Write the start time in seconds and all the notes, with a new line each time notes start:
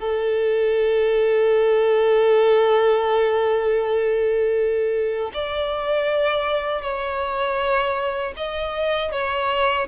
0.00 A4
5.34 D5
6.82 C#5
8.37 D#5
9.12 C#5